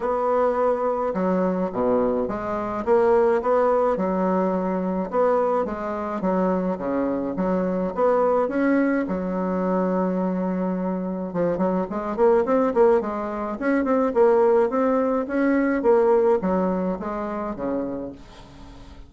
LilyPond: \new Staff \with { instrumentName = "bassoon" } { \time 4/4 \tempo 4 = 106 b2 fis4 b,4 | gis4 ais4 b4 fis4~ | fis4 b4 gis4 fis4 | cis4 fis4 b4 cis'4 |
fis1 | f8 fis8 gis8 ais8 c'8 ais8 gis4 | cis'8 c'8 ais4 c'4 cis'4 | ais4 fis4 gis4 cis4 | }